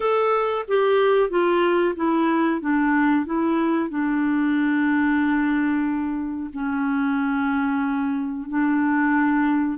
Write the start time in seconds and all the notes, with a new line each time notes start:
0.00 A4
0.68 G4
1.29 F4
1.95 E4
2.61 D4
3.25 E4
3.89 D4
6.53 C#4
8.48 D4